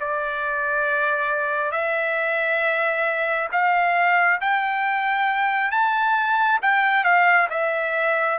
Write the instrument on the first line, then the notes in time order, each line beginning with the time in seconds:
trumpet
0.00 D5
1.72 E5
3.52 F5
4.41 G5
5.71 A5
6.62 G5
7.04 F5
7.50 E5